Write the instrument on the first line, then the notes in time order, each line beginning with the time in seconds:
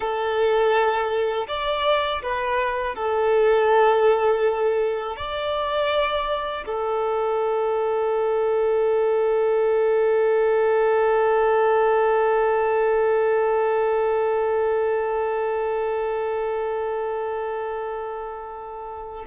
violin
0.00 A4
1.47 D5
2.22 B4
2.95 A4
5.16 D5
6.65 A4